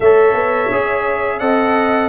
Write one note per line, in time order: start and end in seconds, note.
0.00 0.33 A3
0.00 0.72 A4
0.00 1.40 C#5
0.00 1.39 E5
0.33 0.69 B3
0.70 1.40 C#4
0.70 1.40 G#4
1.39 2.08 C4
1.39 2.08 A4
1.39 2.08 D#5
1.39 2.08 F#5